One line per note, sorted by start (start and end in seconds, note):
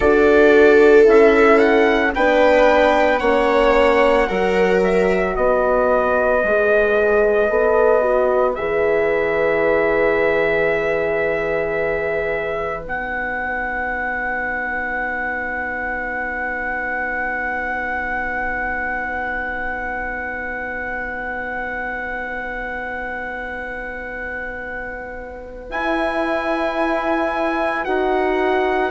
0.00 1.07 D4
0.00 1.04 F#4
0.00 2.13 A4
0.00 1.06 D5
1.04 2.14 C#4
1.04 2.11 E4
1.04 1.58 E5
1.58 2.11 F#5
2.14 3.21 B3
2.14 3.21 D4
2.14 3.20 B4
2.14 3.18 G5
3.18 4.28 A#3
3.18 4.27 C#4
3.18 4.27 C#5
3.18 4.79 F#5
4.27 5.36 F#3
4.27 6.41 F#4
4.27 5.35 A#4
4.83 5.36 E5
5.35 6.43 B3
5.35 28.91 B4
5.35 8.54 D#5
6.43 7.50 G#3
6.43 7.50 G#4
7.50 8.57 B3
7.50 8.01 A4
8.01 8.55 F#4
8.54 12.85 E3
8.54 12.85 G#4
8.54 12.83 E5
12.85 25.71 B3
12.85 25.70 D#4
12.85 25.71 F#5
25.70 27.84 E4
25.70 27.85 E4
25.70 27.85 G#5
27.84 28.91 D#4
27.84 28.91 F#4
27.84 28.91 F#5